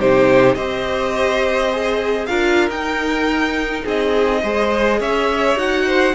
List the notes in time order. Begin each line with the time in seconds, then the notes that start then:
0.00 C3 D#4 G4 C5
0.55 C4 G4 C5 D#5
1.73 G#4
2.26 D4 F4 A#4 F5
2.70 D#4 G5
3.85 C4 G#4 D#5
4.43 G#3 G#4 C5
5.00 C#4 C#5 E5
5.56 D#4 F#4 F#5
5.87 C5